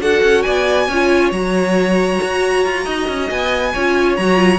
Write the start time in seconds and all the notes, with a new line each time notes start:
0.00 D4 F#4 A4 F#5
0.23 C#4
0.42 B3 D5 G#5
0.88 C#4 F4 C#5
1.31 F#3 F#4 A#5
2.22 F#4
2.65 F4
2.84 D#4 D#5
3.08 C#4
3.30 B3 G#5
3.73 C#4 F4 C#5
4.16 F#3 F#4 A#5
4.36 F4